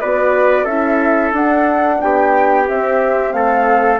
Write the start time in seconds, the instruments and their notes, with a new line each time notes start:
0.00 bassoon B3, horn F#4, trumpet B4, flute D5
0.64 bassoon C#4, horn E4, trumpet A4, flute E5
1.32 bassoon D4, horn D4, flute F#5
2.00 bassoon B3, trumpet G4, flute G5
2.66 horn C4, bassoon C4, flute E5
3.32 bassoon A3, trumpet A4, flute F5